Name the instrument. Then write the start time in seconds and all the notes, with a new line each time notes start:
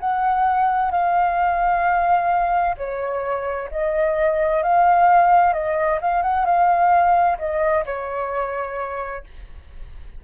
flute
0.00 F#5
0.91 F5
2.77 C#5
3.71 D#5
4.63 F5
5.53 D#5
6.01 F5
6.22 F#5
6.45 F5
7.38 D#5
7.85 C#5